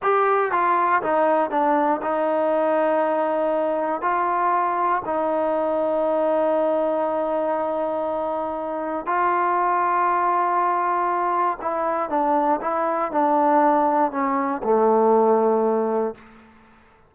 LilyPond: \new Staff \with { instrumentName = "trombone" } { \time 4/4 \tempo 4 = 119 g'4 f'4 dis'4 d'4 | dis'1 | f'2 dis'2~ | dis'1~ |
dis'2 f'2~ | f'2. e'4 | d'4 e'4 d'2 | cis'4 a2. | }